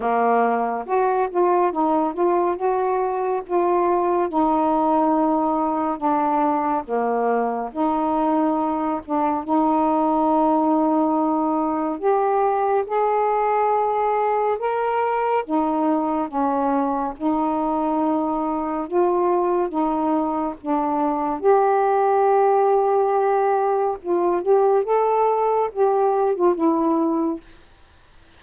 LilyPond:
\new Staff \with { instrumentName = "saxophone" } { \time 4/4 \tempo 4 = 70 ais4 fis'8 f'8 dis'8 f'8 fis'4 | f'4 dis'2 d'4 | ais4 dis'4. d'8 dis'4~ | dis'2 g'4 gis'4~ |
gis'4 ais'4 dis'4 cis'4 | dis'2 f'4 dis'4 | d'4 g'2. | f'8 g'8 a'4 g'8. f'16 e'4 | }